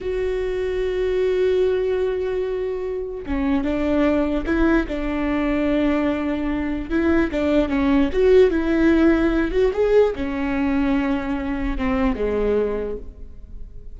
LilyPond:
\new Staff \with { instrumentName = "viola" } { \time 4/4 \tempo 4 = 148 fis'1~ | fis'1 | cis'4 d'2 e'4 | d'1~ |
d'4 e'4 d'4 cis'4 | fis'4 e'2~ e'8 fis'8 | gis'4 cis'2.~ | cis'4 c'4 gis2 | }